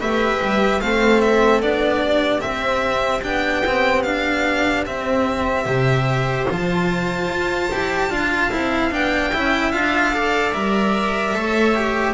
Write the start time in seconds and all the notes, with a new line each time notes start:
0.00 A3 G4 B4 E5
0.41 G3
0.81 A3 C4 A4 F5
1.21 E5
1.61 B3 D4 D5
2.04 G4
2.40 C4 E5
2.46 C4
3.23 B3 D4 G5
3.66 C4
4.03 D4 F5
4.86 C4 E5
5.66 C3 G4 C5
6.51 F3 F4 A5
7.29 F4
7.72 E4 G4
8.10 D4 F4 F5
8.51 C4 E4
8.91 B3 D4 G5
9.33 C#4 E4 E5
9.72 D4 F4 F5
10.13 A4 D5
10.53 G3 A#4 E5
11.34 A3 A4 C#5
11.75 G4